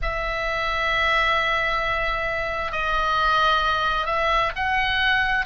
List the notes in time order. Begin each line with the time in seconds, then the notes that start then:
0.02 E5
2.72 D#5
4.06 E5
4.55 F#5